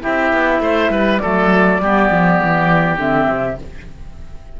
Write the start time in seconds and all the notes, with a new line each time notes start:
0.00 C4 E4 G4 E5
0.32 B3
0.60 A3 C5
0.90 G3 B4
1.18 A3 A4 D5
1.25 F#3
1.80 G3 B3 G4
2.10 F3
2.43 E3
2.97 D3 C4 E5
3.28 C3